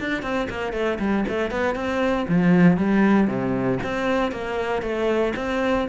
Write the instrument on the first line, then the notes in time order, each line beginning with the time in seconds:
cello
0.00 D4
0.22 C4
0.50 A#3
0.73 A3
0.99 G3
1.28 A3
1.51 B3
1.75 C4
2.28 F3
2.77 G3
3.28 C3
3.83 C4
4.32 A#3
4.82 A3
5.36 C4